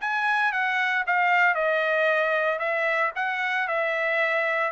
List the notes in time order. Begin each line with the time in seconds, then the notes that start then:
0.00 G#5
0.52 F#5
1.06 F5
1.54 D#5
2.59 E5
3.15 F#5
3.68 E5